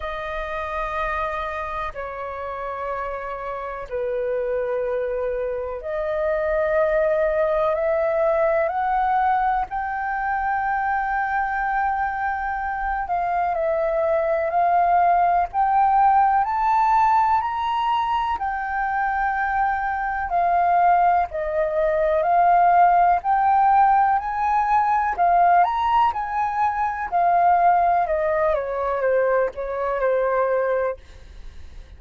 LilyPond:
\new Staff \with { instrumentName = "flute" } { \time 4/4 \tempo 4 = 62 dis''2 cis''2 | b'2 dis''2 | e''4 fis''4 g''2~ | g''4. f''8 e''4 f''4 |
g''4 a''4 ais''4 g''4~ | g''4 f''4 dis''4 f''4 | g''4 gis''4 f''8 ais''8 gis''4 | f''4 dis''8 cis''8 c''8 cis''8 c''4 | }